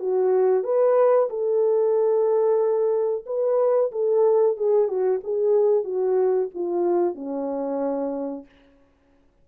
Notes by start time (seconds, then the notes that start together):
0.00 F#4
0.64 B4
1.30 A4
3.26 B4
3.92 A4
4.57 G#4
4.88 F#4
5.24 G#4
5.85 F#4
6.55 F4
7.15 C#4